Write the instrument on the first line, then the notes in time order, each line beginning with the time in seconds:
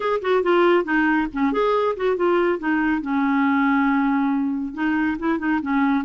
clarinet
0.00 G#4
0.21 F#4
0.43 F4
0.84 D#4
1.33 C#4
1.52 G#4
1.96 F#4
2.16 F4
2.58 D#4
3.01 C#4
4.74 D#4
5.18 E4
5.38 D#4
5.61 C#4